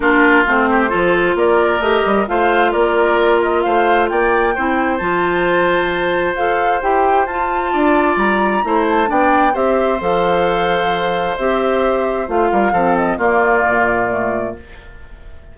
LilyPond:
<<
  \new Staff \with { instrumentName = "flute" } { \time 4/4 \tempo 4 = 132 ais'4 c''2 d''4 | dis''4 f''4 d''4. dis''8 | f''4 g''2 a''4~ | a''2 f''4 g''4 |
a''2 ais''4. a''8 | g''4 e''4 f''2~ | f''4 e''2 f''4~ | f''8 dis''8 d''2. | }
  \new Staff \with { instrumentName = "oboe" } { \time 4/4 f'4. g'8 a'4 ais'4~ | ais'4 c''4 ais'2 | c''4 d''4 c''2~ | c''1~ |
c''4 d''2 c''4 | d''4 c''2.~ | c''2.~ c''8 ais'8 | a'4 f'2. | }
  \new Staff \with { instrumentName = "clarinet" } { \time 4/4 d'4 c'4 f'2 | g'4 f'2.~ | f'2 e'4 f'4~ | f'2 a'4 g'4 |
f'2. e'4 | d'4 g'4 a'2~ | a'4 g'2 f'4 | c'4 ais2 a4 | }
  \new Staff \with { instrumentName = "bassoon" } { \time 4/4 ais4 a4 f4 ais4 | a8 g8 a4 ais2 | a4 ais4 c'4 f4~ | f2 f'4 e'4 |
f'4 d'4 g4 a4 | b4 c'4 f2~ | f4 c'2 a8 g8 | f4 ais4 ais,2 | }
>>